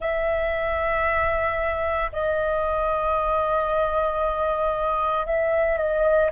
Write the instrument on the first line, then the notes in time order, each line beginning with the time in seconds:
flute
0.00 E5
2.12 D#5
5.26 E5
5.77 D#5